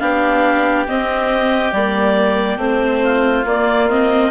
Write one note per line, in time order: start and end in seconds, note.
0.00 0.87 B3
0.00 0.87 D4
0.00 3.02 G4
0.00 0.86 F5
0.88 1.74 C4
0.88 1.73 C4
0.88 1.73 D#5
1.73 2.58 G3
1.73 2.58 A#3
1.73 2.59 D5
2.58 3.44 A3
2.58 3.44 C4
2.58 3.46 C5
3.04 4.31 F4
3.45 4.31 A#3
3.45 3.90 A#3
3.45 3.90 D5
3.90 4.31 C4
3.90 4.31 D#5